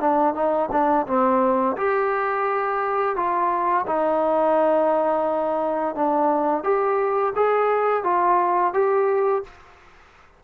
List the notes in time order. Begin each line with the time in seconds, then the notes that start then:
0.00 D4
0.35 D#4
0.72 D4
1.07 C4
1.77 G4
3.16 F4
3.87 D#4
5.95 D4
6.64 G4
7.36 G#4
8.04 F4
8.74 G4